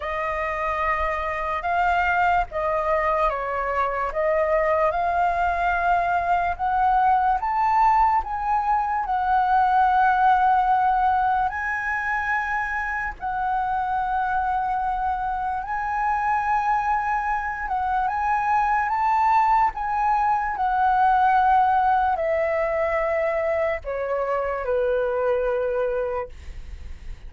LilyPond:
\new Staff \with { instrumentName = "flute" } { \time 4/4 \tempo 4 = 73 dis''2 f''4 dis''4 | cis''4 dis''4 f''2 | fis''4 a''4 gis''4 fis''4~ | fis''2 gis''2 |
fis''2. gis''4~ | gis''4. fis''8 gis''4 a''4 | gis''4 fis''2 e''4~ | e''4 cis''4 b'2 | }